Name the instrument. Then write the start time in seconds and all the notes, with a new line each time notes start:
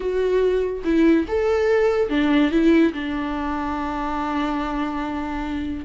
viola
0.00 F#4
0.84 E4
1.28 A4
2.09 D4
2.51 E4
2.93 D4